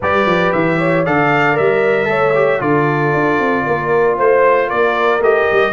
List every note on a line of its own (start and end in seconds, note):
0.00 0.26 G3
0.00 1.05 G4
0.00 0.77 B4
0.00 0.52 D5
0.26 0.52 F3
0.52 1.06 E3
0.52 1.04 E5
0.77 1.04 C#5
1.04 1.58 D3
1.04 1.53 A4
1.04 2.08 D5
1.04 1.57 F5
1.53 2.07 G3
1.53 2.05 A#4
1.53 2.61 E5
2.05 2.59 A3
2.05 2.31 A4
2.05 2.60 C#5
2.34 2.59 G4
2.59 3.13 D3
2.59 5.20 F4
2.59 3.64 A4
2.59 4.17 D5
3.13 3.39 D4
3.39 3.65 C4
3.65 4.18 A#3
3.65 4.17 A#4
4.17 4.71 A3
4.17 4.68 C5
4.17 4.69 C5
4.68 5.19 A#3
4.68 5.72 A#4
4.68 5.21 D5
5.19 5.45 A3
5.19 5.72 G4
5.19 5.72 D#5
5.51 5.72 G3